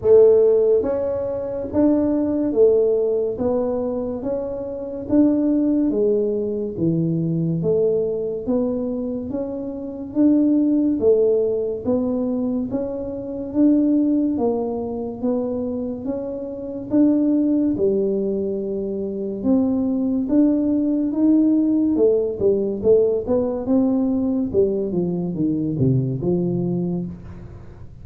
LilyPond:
\new Staff \with { instrumentName = "tuba" } { \time 4/4 \tempo 4 = 71 a4 cis'4 d'4 a4 | b4 cis'4 d'4 gis4 | e4 a4 b4 cis'4 | d'4 a4 b4 cis'4 |
d'4 ais4 b4 cis'4 | d'4 g2 c'4 | d'4 dis'4 a8 g8 a8 b8 | c'4 g8 f8 dis8 c8 f4 | }